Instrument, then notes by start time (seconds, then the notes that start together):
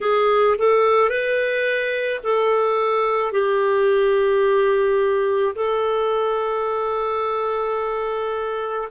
clarinet
0.01 G#4
0.58 A4
1.09 B4
2.23 A4
3.32 G4
5.55 A4